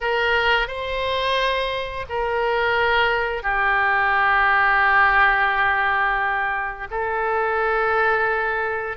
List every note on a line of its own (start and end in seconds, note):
0.00 0.67 A#4
0.67 2.05 C5
2.09 3.43 A#4
3.43 6.87 G4
6.91 8.97 A4